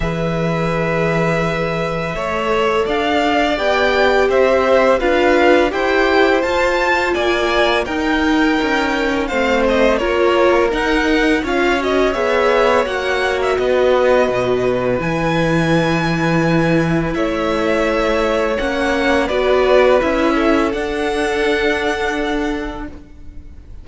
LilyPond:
<<
  \new Staff \with { instrumentName = "violin" } { \time 4/4 \tempo 4 = 84 e''1 | f''4 g''4 e''4 f''4 | g''4 a''4 gis''4 g''4~ | g''4 f''8 dis''8 cis''4 fis''4 |
f''8 dis''8 e''4 fis''8. e''16 dis''4~ | dis''4 gis''2. | e''2 fis''4 d''4 | e''4 fis''2. | }
  \new Staff \with { instrumentName = "violin" } { \time 4/4 b'2. cis''4 | d''2 c''4 b'4 | c''2 d''4 ais'4~ | ais'4 c''4 ais'2 |
cis''2. b'4~ | b'1 | cis''2. b'4~ | b'8 a'2.~ a'8 | }
  \new Staff \with { instrumentName = "viola" } { \time 4/4 gis'2. a'4~ | a'4 g'2 f'4 | g'4 f'2 dis'4~ | dis'4 c'4 f'4 dis'4 |
f'8 fis'8 gis'4 fis'2~ | fis'4 e'2.~ | e'2 cis'4 fis'4 | e'4 d'2. | }
  \new Staff \with { instrumentName = "cello" } { \time 4/4 e2. a4 | d'4 b4 c'4 d'4 | e'4 f'4 ais4 dis'4 | cis'4 a4 ais4 dis'4 |
cis'4 b4 ais4 b4 | b,4 e2. | a2 ais4 b4 | cis'4 d'2. | }
>>